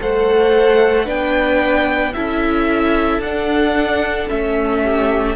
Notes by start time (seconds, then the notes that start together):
0.00 A3 A4 C5 F#5
1.05 B3 D4 B4 G5
2.13 C#4 E4 A4 E5
3.18 D4 F#5
4.29 A3 C#4 E5
4.83 G4